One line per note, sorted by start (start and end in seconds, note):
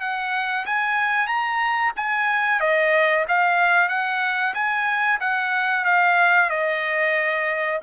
0.00 0.65 F#5
0.66 1.27 G#5
1.27 1.92 A#5
1.96 2.60 G#5
2.60 3.25 D#5
3.28 3.88 F5
3.88 4.54 F#5
4.54 5.19 G#5
5.20 5.84 F#5
5.84 6.50 F5
6.50 7.80 D#5